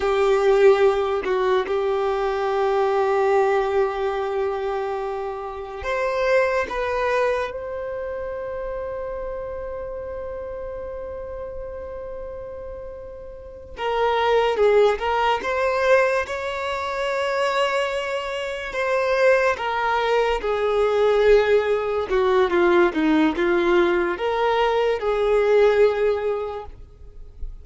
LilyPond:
\new Staff \with { instrumentName = "violin" } { \time 4/4 \tempo 4 = 72 g'4. fis'8 g'2~ | g'2. c''4 | b'4 c''2.~ | c''1~ |
c''8 ais'4 gis'8 ais'8 c''4 cis''8~ | cis''2~ cis''8 c''4 ais'8~ | ais'8 gis'2 fis'8 f'8 dis'8 | f'4 ais'4 gis'2 | }